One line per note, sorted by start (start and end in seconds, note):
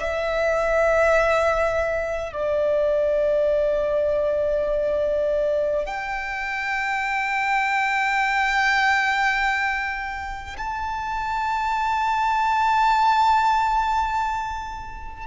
0.00 2.33 E5
2.33 5.86 D5
5.86 10.57 G5
10.58 15.27 A5